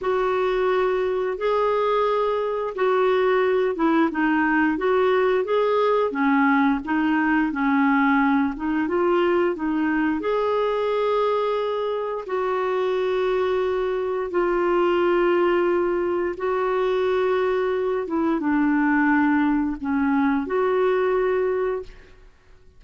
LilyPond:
\new Staff \with { instrumentName = "clarinet" } { \time 4/4 \tempo 4 = 88 fis'2 gis'2 | fis'4. e'8 dis'4 fis'4 | gis'4 cis'4 dis'4 cis'4~ | cis'8 dis'8 f'4 dis'4 gis'4~ |
gis'2 fis'2~ | fis'4 f'2. | fis'2~ fis'8 e'8 d'4~ | d'4 cis'4 fis'2 | }